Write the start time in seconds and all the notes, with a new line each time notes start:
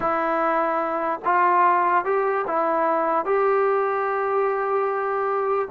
0.00 E4
1.25 F4
2.05 G4
2.47 E4
3.25 G4